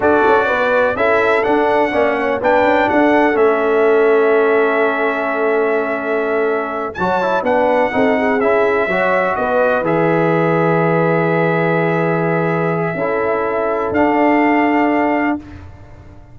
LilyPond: <<
  \new Staff \with { instrumentName = "trumpet" } { \time 4/4 \tempo 4 = 125 d''2 e''4 fis''4~ | fis''4 g''4 fis''4 e''4~ | e''1~ | e''2~ e''8 a''4 fis''8~ |
fis''4. e''2 dis''8~ | dis''8 e''2.~ e''8~ | e''1~ | e''4 f''2. | }
  \new Staff \with { instrumentName = "horn" } { \time 4/4 a'4 b'4 a'2 | d''8 cis''8 b'4 a'2~ | a'1~ | a'2~ a'8 cis''4 b'8~ |
b'8 a'8 gis'4. cis''4 b'8~ | b'1~ | b'2. a'4~ | a'1 | }
  \new Staff \with { instrumentName = "trombone" } { \time 4/4 fis'2 e'4 d'4 | cis'4 d'2 cis'4~ | cis'1~ | cis'2~ cis'8 fis'8 e'8 d'8~ |
d'8 dis'4 e'4 fis'4.~ | fis'8 gis'2.~ gis'8~ | gis'2. e'4~ | e'4 d'2. | }
  \new Staff \with { instrumentName = "tuba" } { \time 4/4 d'8 cis'8 b4 cis'4 d'4 | ais4 b8 cis'8 d'4 a4~ | a1~ | a2~ a8 fis4 b8~ |
b8 c'4 cis'4 fis4 b8~ | b8 e2.~ e8~ | e2. cis'4~ | cis'4 d'2. | }
>>